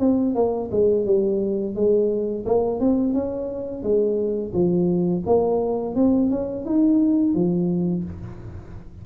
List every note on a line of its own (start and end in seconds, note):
0.00 0.35 C4
0.35 0.70 A#3
0.71 1.06 G#3
1.06 1.76 G3
1.76 2.45 G#3
2.46 2.80 A#3
2.80 3.14 C4
3.14 3.83 C#4
3.83 4.53 G#3
4.53 5.23 F3
5.26 5.96 A#3
5.96 6.31 C4
6.31 6.65 C#4
6.65 7.34 D#4
7.34 8.04 F3